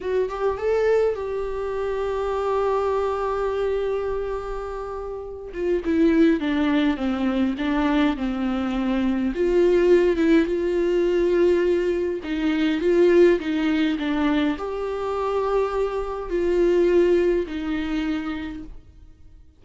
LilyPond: \new Staff \with { instrumentName = "viola" } { \time 4/4 \tempo 4 = 103 fis'8 g'8 a'4 g'2~ | g'1~ | g'4. f'8 e'4 d'4 | c'4 d'4 c'2 |
f'4. e'8 f'2~ | f'4 dis'4 f'4 dis'4 | d'4 g'2. | f'2 dis'2 | }